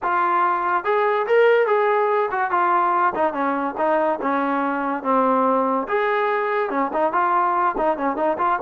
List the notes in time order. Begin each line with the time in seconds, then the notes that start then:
0.02 F4
0.84 G#4
1.27 A#4
1.66 G#4
2.31 F#4
2.50 F4
3.15 D#4
3.33 C#4
3.77 D#4
4.21 C#4
5.03 C4
5.88 G#4
6.70 C#4
6.93 D#4
7.12 F4
7.77 D#4
7.97 C#4
8.16 D#4
8.38 F4